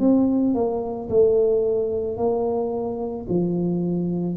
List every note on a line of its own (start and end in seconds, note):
0.00 0.55 C4
0.55 1.10 A#3
1.10 2.18 A3
2.18 3.27 A#3
3.29 4.37 F3